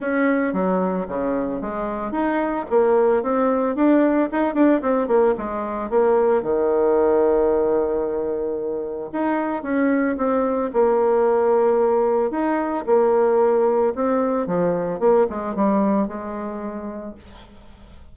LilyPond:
\new Staff \with { instrumentName = "bassoon" } { \time 4/4 \tempo 4 = 112 cis'4 fis4 cis4 gis4 | dis'4 ais4 c'4 d'4 | dis'8 d'8 c'8 ais8 gis4 ais4 | dis1~ |
dis4 dis'4 cis'4 c'4 | ais2. dis'4 | ais2 c'4 f4 | ais8 gis8 g4 gis2 | }